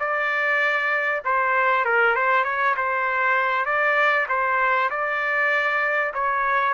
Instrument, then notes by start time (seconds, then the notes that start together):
trumpet
0.00 D5
1.25 C5
1.85 A#4
2.15 C5
2.44 C#5
2.77 C5
3.66 D5
4.29 C5
4.91 D5
6.14 C#5